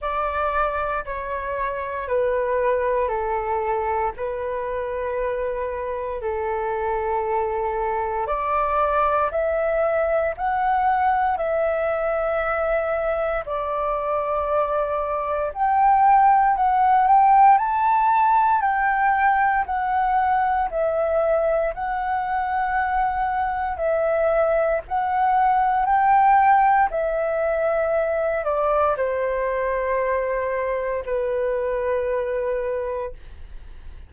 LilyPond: \new Staff \with { instrumentName = "flute" } { \time 4/4 \tempo 4 = 58 d''4 cis''4 b'4 a'4 | b'2 a'2 | d''4 e''4 fis''4 e''4~ | e''4 d''2 g''4 |
fis''8 g''8 a''4 g''4 fis''4 | e''4 fis''2 e''4 | fis''4 g''4 e''4. d''8 | c''2 b'2 | }